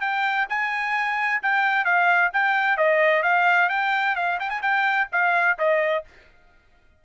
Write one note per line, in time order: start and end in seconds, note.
0.00 0.46 G5
0.49 1.41 G#5
1.42 1.84 G5
1.84 2.31 F5
2.33 2.77 G5
2.77 3.23 D#5
3.23 3.69 F5
3.69 4.15 G5
4.15 4.38 F5
4.39 4.49 G5
4.49 4.61 G#5
4.62 5.08 G5
5.12 5.58 F5
5.58 6.04 D#5